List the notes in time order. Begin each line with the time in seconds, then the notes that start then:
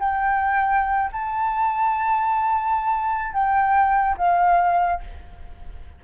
0.00 G5
1.12 A5
3.33 G5
4.18 F5